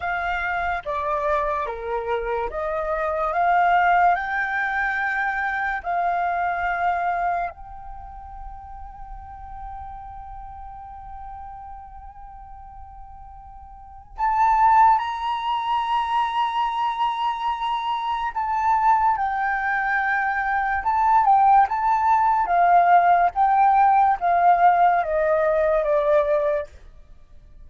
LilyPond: \new Staff \with { instrumentName = "flute" } { \time 4/4 \tempo 4 = 72 f''4 d''4 ais'4 dis''4 | f''4 g''2 f''4~ | f''4 g''2.~ | g''1~ |
g''4 a''4 ais''2~ | ais''2 a''4 g''4~ | g''4 a''8 g''8 a''4 f''4 | g''4 f''4 dis''4 d''4 | }